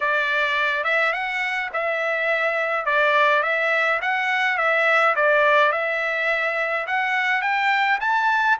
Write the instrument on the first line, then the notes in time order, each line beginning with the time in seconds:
trumpet
0.00 D5
0.84 E5
1.12 F#5
1.73 E5
2.85 D5
3.43 E5
4.01 F#5
4.57 E5
5.15 D5
5.71 E5
6.86 F#5
7.41 G5
8.00 A5